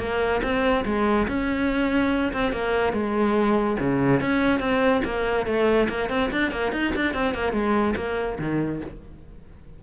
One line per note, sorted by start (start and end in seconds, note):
0.00 0.42 A#3
0.43 0.85 C4
0.86 1.28 G#3
1.28 2.33 C#4
2.33 2.53 C4
2.53 2.94 A#3
2.94 3.77 G#3
3.80 4.21 C#3
4.21 4.60 C#4
4.60 5.02 C4
5.05 5.47 A#3
5.47 5.89 A3
5.89 6.10 A#3
6.10 6.31 C4
6.32 6.52 D4
6.52 6.73 A#3
6.73 6.94 D#4
6.96 7.14 D4
7.14 7.35 C4
7.35 7.53 A#3
7.53 7.95 G#3
7.97 8.39 A#3
8.39 8.81 D#3